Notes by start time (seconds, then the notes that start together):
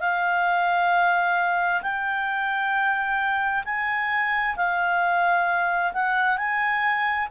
0.00 F5
1.82 G5
3.65 G#5
4.56 F5
5.93 F#5
6.37 G#5